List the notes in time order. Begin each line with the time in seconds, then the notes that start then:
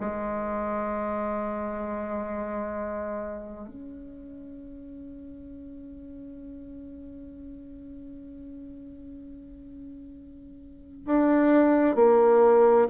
0.00 G#3
3.68 C#4
11.05 D4
11.95 A#3